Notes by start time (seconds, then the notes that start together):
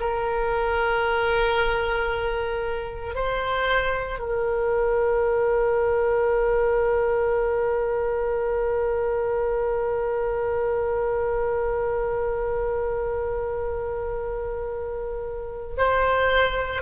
0.00 A#4
3.15 C5
4.19 A#4
15.78 C5